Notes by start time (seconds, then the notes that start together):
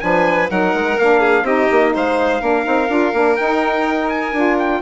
0.00 F3 D4 B4 G#5
0.49 F#3 D#4 A#4 F#5
0.74 G#3
0.98 A#3 D4 F5
1.20 G#4
1.43 C4 D#4 G4 D#5
1.71 A#3
1.94 G#3 C5 F5
2.41 A#3 D4 A#4
2.64 C4 D#4
2.89 D4 F4
3.13 A#3 D4
3.36 D#4 G5
4.09 G#5
4.33 D4 F4
4.59 G5